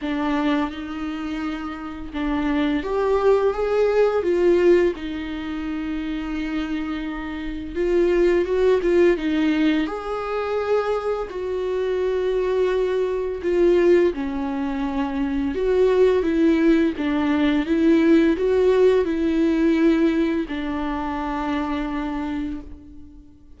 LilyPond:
\new Staff \with { instrumentName = "viola" } { \time 4/4 \tempo 4 = 85 d'4 dis'2 d'4 | g'4 gis'4 f'4 dis'4~ | dis'2. f'4 | fis'8 f'8 dis'4 gis'2 |
fis'2. f'4 | cis'2 fis'4 e'4 | d'4 e'4 fis'4 e'4~ | e'4 d'2. | }